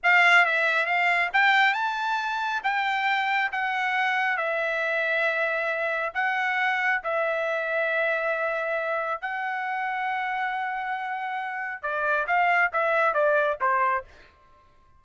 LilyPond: \new Staff \with { instrumentName = "trumpet" } { \time 4/4 \tempo 4 = 137 f''4 e''4 f''4 g''4 | a''2 g''2 | fis''2 e''2~ | e''2 fis''2 |
e''1~ | e''4 fis''2.~ | fis''2. d''4 | f''4 e''4 d''4 c''4 | }